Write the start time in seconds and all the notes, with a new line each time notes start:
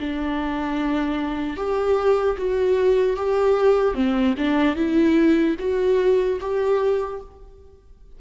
0.00 D4
1.57 G4
2.38 F#4
3.17 G4
3.95 C4
4.38 D4
4.76 E4
5.60 F#4
6.41 G4